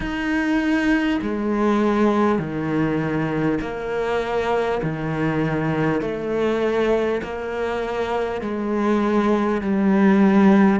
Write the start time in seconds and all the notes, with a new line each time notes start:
0.00 D#4
1.22 G#3
2.38 D#3
3.61 A#3
4.82 D#3
6.01 A3
7.22 A#3
8.41 G#3
9.61 G3